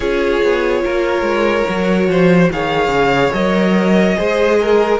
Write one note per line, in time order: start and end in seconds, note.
0.00 0.41 C#4
0.00 1.67 F4
0.00 0.81 G#4
0.00 2.49 C#5
0.42 0.84 B3
0.84 1.21 A#3
0.84 2.09 A#4
1.21 1.63 G#3
1.68 2.07 F#3
1.68 2.52 F#4
2.07 2.49 F3
2.07 2.52 C5
2.52 2.87 D#3
2.52 3.34 G#4
2.52 4.17 C#5
2.52 3.32 F5
2.87 3.29 C#3
3.32 4.16 F#3
3.32 4.16 A#4
3.32 4.99 D#5
4.16 4.99 G#3
4.16 4.99 G#4
4.16 4.59 C5
4.60 4.99 A#4